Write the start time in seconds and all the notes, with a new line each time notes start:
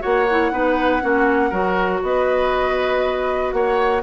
0.00 A#3 F#4 C#5 F#5
0.31 E4
0.52 B3 D#4 B4
1.01 A#3 C#4 F#4
1.50 F#3 F#4 A#4
2.02 B3 B4 D#5
3.53 A#3 C#5 F#5